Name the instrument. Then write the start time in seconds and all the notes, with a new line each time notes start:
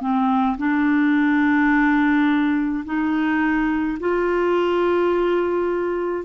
clarinet
0.00 C4
0.57 D4
2.85 D#4
3.99 F4